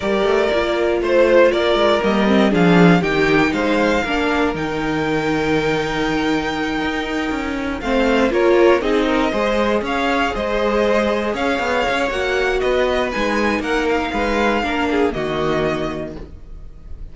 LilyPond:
<<
  \new Staff \with { instrumentName = "violin" } { \time 4/4 \tempo 4 = 119 d''2 c''4 d''4 | dis''4 f''4 g''4 f''4~ | f''4 g''2.~ | g''2.~ g''8 f''8~ |
f''8 cis''4 dis''2 f''8~ | f''8 dis''2 f''4. | fis''4 dis''4 gis''4 fis''8 f''8~ | f''2 dis''2 | }
  \new Staff \with { instrumentName = "violin" } { \time 4/4 ais'2 c''4 ais'4~ | ais'4 gis'4 g'4 c''4 | ais'1~ | ais'2.~ ais'8 c''8~ |
c''8 ais'4 gis'8 ais'8 c''4 cis''8~ | cis''8 c''2 cis''4.~ | cis''4 b'2 ais'4 | b'4 ais'8 gis'8 fis'2 | }
  \new Staff \with { instrumentName = "viola" } { \time 4/4 g'4 f'2. | ais8 c'8 d'4 dis'2 | d'4 dis'2.~ | dis'2.~ dis'8 c'8~ |
c'8 f'4 dis'4 gis'4.~ | gis'1 | fis'2 dis'2~ | dis'4 d'4 ais2 | }
  \new Staff \with { instrumentName = "cello" } { \time 4/4 g8 a8 ais4 a4 ais8 gis8 | g4 f4 dis4 gis4 | ais4 dis2.~ | dis4. dis'4 cis'4 a8~ |
a8 ais4 c'4 gis4 cis'8~ | cis'8 gis2 cis'8 b8 cis'8 | ais4 b4 gis4 ais4 | gis4 ais4 dis2 | }
>>